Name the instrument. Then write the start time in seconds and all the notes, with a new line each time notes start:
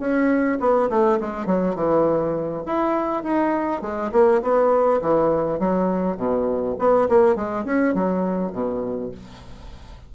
bassoon
0.00 C#4
0.60 B3
0.90 A3
1.21 G#3
1.46 F#3
1.75 E3
2.67 E4
3.23 D#4
3.82 G#3
4.12 A#3
4.42 B3
5.02 E3
5.60 F#3
6.17 B2
6.79 B3
7.09 A#3
7.36 G#3
7.65 C#4
7.95 F#3
8.53 B2